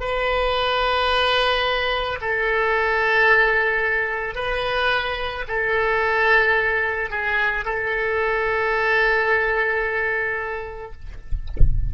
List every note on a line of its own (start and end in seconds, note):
0.00 2.18 B4
2.21 4.35 A4
4.35 5.44 B4
5.48 7.10 A4
7.10 7.65 G#4
7.65 10.92 A4